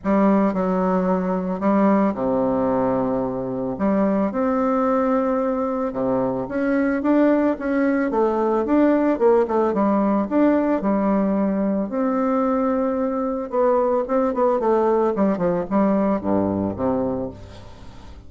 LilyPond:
\new Staff \with { instrumentName = "bassoon" } { \time 4/4 \tempo 4 = 111 g4 fis2 g4 | c2. g4 | c'2. c4 | cis'4 d'4 cis'4 a4 |
d'4 ais8 a8 g4 d'4 | g2 c'2~ | c'4 b4 c'8 b8 a4 | g8 f8 g4 g,4 c4 | }